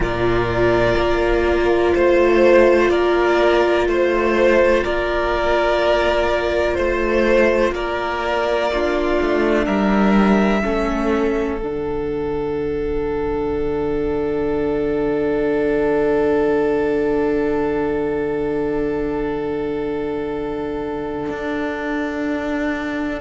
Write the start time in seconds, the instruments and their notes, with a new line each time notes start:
0.00 cello A#2, viola F4, violin A#4 D5
0.96 cello A#3
1.94 cello A3, violin C5
2.89 cello A#3, violin A#4 D5
3.87 cello A3, violin C5
4.83 cello A#3, violin A#4 D5
6.74 cello A3, violin C5
7.71 cello A#3, violin A#4 D5
8.71 viola D4, violin F4
9.21 cello A3
9.65 cello G3, violin A#4 E5
10.63 cello A3, viola C#4, violin A4
11.59 cello D3, viola D4, violin F#5
21.29 cello D4